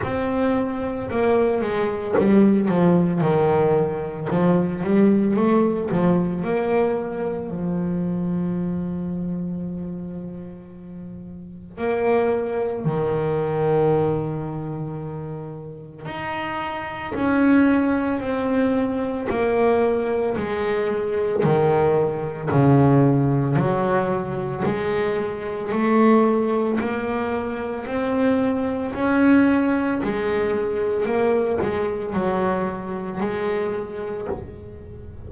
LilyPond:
\new Staff \with { instrumentName = "double bass" } { \time 4/4 \tempo 4 = 56 c'4 ais8 gis8 g8 f8 dis4 | f8 g8 a8 f8 ais4 f4~ | f2. ais4 | dis2. dis'4 |
cis'4 c'4 ais4 gis4 | dis4 cis4 fis4 gis4 | a4 ais4 c'4 cis'4 | gis4 ais8 gis8 fis4 gis4 | }